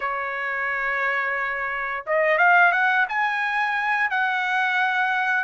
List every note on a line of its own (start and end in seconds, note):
0.00 2.05 C#5
2.06 2.37 D#5
2.37 2.71 F5
2.71 3.06 F#5
3.09 4.10 G#5
4.10 5.44 F#5